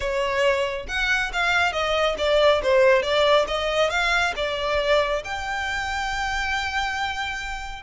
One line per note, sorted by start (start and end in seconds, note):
0.00 0.87 C#5
0.88 1.31 F#5
1.33 1.72 F5
1.72 2.15 D#5
2.18 2.61 D5
2.62 3.02 C5
3.02 3.45 D5
3.47 3.90 D#5
3.90 4.33 F5
4.36 5.23 D5
5.24 7.82 G5